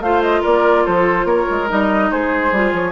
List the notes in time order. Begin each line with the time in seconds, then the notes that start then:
0.00 A3 F4 C5 F5
0.22 D#5
0.41 A#3 A#4 D5
0.85 F3 A4 C5
1.24 A#3 A#4 C#5
1.50 G#3
1.68 G3 D#4 D#5
2.11 G#3 G#4 C5
2.52 G3 F4
2.72 F3 C#5